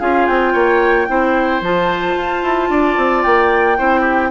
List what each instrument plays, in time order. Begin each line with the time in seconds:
0.00 bassoon C#4, clarinet F4, oboe G#4, flute F5
0.27 bassoon C4, flute G5
0.53 bassoon A#3, oboe C#5
1.07 bassoon C4, clarinet E4, oboe C5
1.61 bassoon F3, clarinet F4, flute A5
2.15 bassoon F4
2.43 bassoon E4
2.69 bassoon D4, oboe D5
2.97 bassoon C4
3.23 bassoon A#3, flute G5
3.78 bassoon C4, clarinet E4, oboe C5
4.00 oboe G4